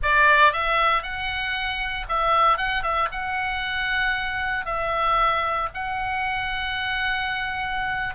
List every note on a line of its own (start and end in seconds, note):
0.03 0.53 D5
0.53 1.02 E5
1.02 2.06 F#5
2.08 2.57 E5
2.57 2.82 F#5
2.82 3.08 E5
3.11 4.65 F#5
4.65 5.68 E5
5.74 8.15 F#5